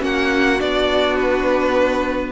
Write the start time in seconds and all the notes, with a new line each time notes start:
0.00 A#3 C#4 F#4 F#5
0.59 B3 D4 D5
1.17 B4